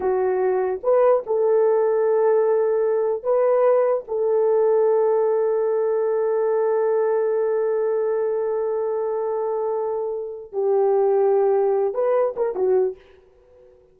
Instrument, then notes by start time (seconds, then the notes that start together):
horn
0.00 F#4
0.83 B4
1.26 A4
3.23 B4
4.07 A4
10.52 G4
11.94 B4
12.36 A#4
12.55 F#4